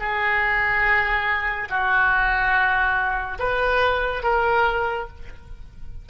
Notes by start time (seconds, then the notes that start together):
0.00 G#4
1.69 F#4
3.39 B4
4.23 A#4